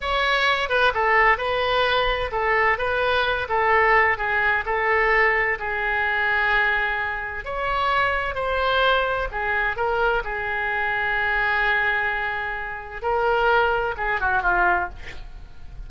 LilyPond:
\new Staff \with { instrumentName = "oboe" } { \time 4/4 \tempo 4 = 129 cis''4. b'8 a'4 b'4~ | b'4 a'4 b'4. a'8~ | a'4 gis'4 a'2 | gis'1 |
cis''2 c''2 | gis'4 ais'4 gis'2~ | gis'1 | ais'2 gis'8 fis'8 f'4 | }